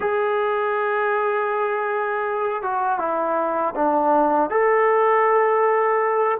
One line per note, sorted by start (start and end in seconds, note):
0.00 2.62 G#4
2.62 2.99 F#4
2.99 3.74 E4
3.75 4.50 D4
4.50 6.37 A4